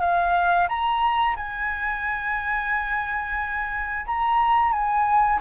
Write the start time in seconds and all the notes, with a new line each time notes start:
0.00 F5
0.69 A#5
1.36 G#5
4.06 A#5
4.72 G#5